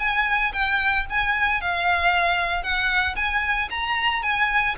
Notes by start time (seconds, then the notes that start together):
0.00 G#5
0.54 G5
1.10 G#5
1.61 F5
2.63 F#5
3.16 G#5
3.71 A#5
4.23 G#5